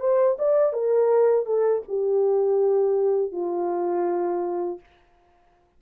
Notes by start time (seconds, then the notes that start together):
0.00 C5
0.39 D5
0.73 A#4
1.46 A4
1.88 G4
3.32 F4